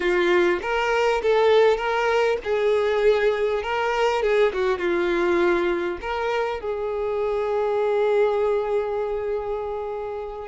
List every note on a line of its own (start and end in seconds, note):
0.00 0.59 F4
0.61 1.21 A#4
1.22 1.77 A4
1.77 2.37 A#4
2.44 3.62 G#4
3.62 4.22 A#4
4.22 4.52 G#4
4.53 4.78 F#4
4.78 5.98 F4
6.01 6.60 A#4
6.60 10.48 G#4